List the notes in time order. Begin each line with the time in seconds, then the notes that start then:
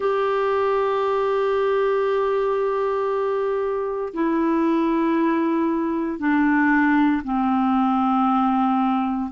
0.00 G4
4.13 E4
6.18 D4
7.24 C4